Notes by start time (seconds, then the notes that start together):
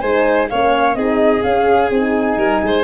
0.00 G#3 D#4 C5 G#5
0.49 A#3 C#4 C#5 F5
0.95 C4 D#4 G#4 D#5
1.43 C#4 F5
1.90 C4 D#4 G#5
2.37 G3 A#4
2.62 G#3 C5